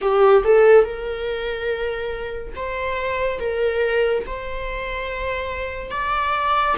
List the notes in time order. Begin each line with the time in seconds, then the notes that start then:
0.01 G4
0.43 A4
0.84 A#4
2.55 C5
3.39 A#4
4.26 C5
5.90 D5